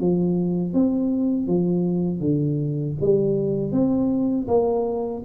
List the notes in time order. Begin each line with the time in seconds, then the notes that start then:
0.00 F3
0.74 C4
1.47 F3
2.20 D3
3.01 G3
3.72 C4
4.48 A#3